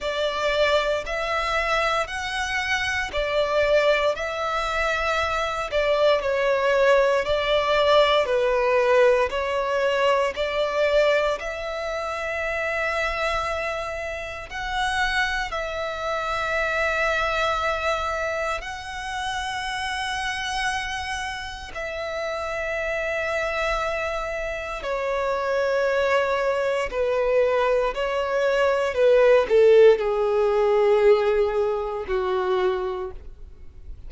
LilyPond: \new Staff \with { instrumentName = "violin" } { \time 4/4 \tempo 4 = 58 d''4 e''4 fis''4 d''4 | e''4. d''8 cis''4 d''4 | b'4 cis''4 d''4 e''4~ | e''2 fis''4 e''4~ |
e''2 fis''2~ | fis''4 e''2. | cis''2 b'4 cis''4 | b'8 a'8 gis'2 fis'4 | }